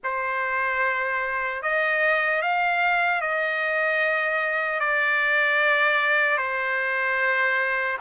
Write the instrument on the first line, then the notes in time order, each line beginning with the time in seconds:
trumpet
0.03 C5
1.62 D#5
2.41 F5
3.21 D#5
4.80 D5
6.37 C5